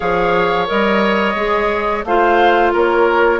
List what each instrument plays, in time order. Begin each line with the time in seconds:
0.00 bassoon F3, clarinet G#4, oboe C#5, flute F5
0.66 bassoon G3, clarinet A#4, flute D#5
1.35 bassoon G#3, clarinet G#4
2.04 bassoon A3, clarinet F4, oboe C5, flute F5
2.73 bassoon A#3, oboe A#4, flute C#5